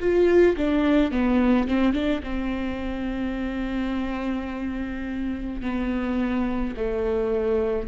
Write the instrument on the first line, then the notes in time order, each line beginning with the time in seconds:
viola
0.00 F4
0.57 D4
1.11 B3
1.68 C4
1.93 D4
2.23 C4
5.61 B3
6.77 A3